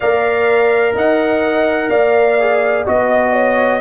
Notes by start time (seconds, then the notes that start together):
0.00 A#3 A#4 D5 F5
0.94 D#4 D#5 F#5
1.89 A#3 D5 F5
2.39 G#4
2.85 B3 F#4 D#5
3.33 C#5